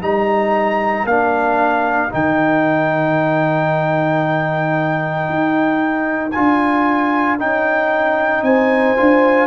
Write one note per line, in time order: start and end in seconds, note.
0.00 1.04 G3
0.00 1.06 D#4
0.00 8.42 A#4
0.00 1.06 A#5
1.04 2.09 A#3
1.04 2.09 D4
1.04 2.11 F5
2.09 5.29 D#3
2.09 6.30 D#4
2.09 6.31 G5
5.29 6.34 D#4
6.31 7.41 D4
6.31 7.38 F4
6.31 7.36 G#5
7.38 8.42 C#4
7.38 8.96 D#4
7.38 8.43 G5
8.42 8.94 C4
8.42 9.46 C5
8.42 9.46 G#5
8.96 9.46 D4
8.96 9.46 F4